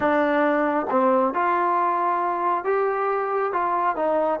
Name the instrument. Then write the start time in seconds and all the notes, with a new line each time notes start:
trombone
0.00 D4
0.89 C4
1.34 F4
2.64 G4
3.52 F4
3.95 D#4